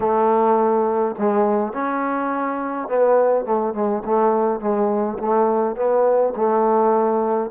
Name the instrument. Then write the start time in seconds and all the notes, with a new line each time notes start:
trombone
0.00 A3
1.18 G#3
1.73 C#4
2.88 B3
3.45 A3
3.73 G#3
4.05 A3
4.60 G#3
5.18 A3
5.75 B3
6.35 A3